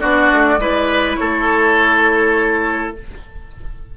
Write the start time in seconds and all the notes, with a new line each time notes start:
0.00 B3 D4 F#4 D5
0.32 A3
0.58 G#3 E4 B4
1.16 A3 A4 C#5